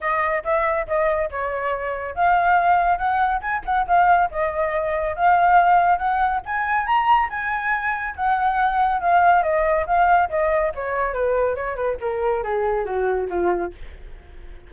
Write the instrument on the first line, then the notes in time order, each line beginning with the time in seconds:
flute
0.00 D#5
0.43 E5
0.87 D#5
1.30 C#5
2.15 F5
2.98 F#5
3.41 G#5
3.65 F#5
3.87 F5
4.31 D#5
5.16 F5
5.98 F#5
6.45 G#5
6.86 A#5
7.29 G#5
8.15 F#5
9.00 F5
9.42 D#5
9.86 F5
10.29 D#5
10.75 C#5
11.13 B4
11.55 C#5
11.75 B4
12.00 A#4
12.43 G#4
12.85 F#4
13.29 F4